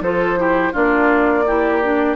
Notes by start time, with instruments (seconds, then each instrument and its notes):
0.00 bassoon F3, clarinet F4, oboe A4, flute C5
0.37 clarinet E4, oboe G4
0.73 bassoon A#3, clarinet D4, oboe F4, flute D5
1.47 clarinet E4, oboe G4
1.82 clarinet D4